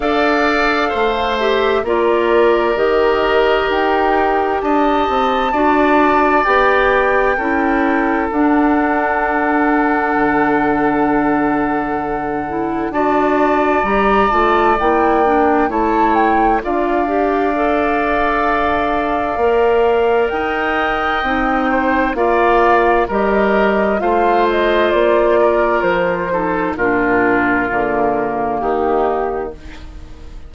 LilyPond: <<
  \new Staff \with { instrumentName = "flute" } { \time 4/4 \tempo 4 = 65 f''4. e''8 d''4 dis''4 | g''4 a''2 g''4~ | g''4 fis''2.~ | fis''2 a''4 ais''8 a''8 |
g''4 a''8 g''8 f''2~ | f''2 g''2 | f''4 dis''4 f''8 dis''8 d''4 | c''4 ais'2 g'4 | }
  \new Staff \with { instrumentName = "oboe" } { \time 4/4 d''4 c''4 ais'2~ | ais'4 dis''4 d''2 | a'1~ | a'2 d''2~ |
d''4 cis''4 d''2~ | d''2 dis''4. c''8 | d''4 ais'4 c''4. ais'8~ | ais'8 a'8 f'2 dis'4 | }
  \new Staff \with { instrumentName = "clarinet" } { \time 4/4 a'4. g'8 f'4 g'4~ | g'2 fis'4 g'4 | e'4 d'2.~ | d'4. e'8 fis'4 g'8 f'8 |
e'8 d'8 e'4 f'8 g'8 a'4~ | a'4 ais'2 dis'4 | f'4 g'4 f'2~ | f'8 dis'8 d'4 ais2 | }
  \new Staff \with { instrumentName = "bassoon" } { \time 4/4 d'4 a4 ais4 dis4 | dis'4 d'8 c'8 d'4 b4 | cis'4 d'2 d4~ | d2 d'4 g8 a8 |
ais4 a4 d'2~ | d'4 ais4 dis'4 c'4 | ais4 g4 a4 ais4 | f4 ais,4 d4 dis4 | }
>>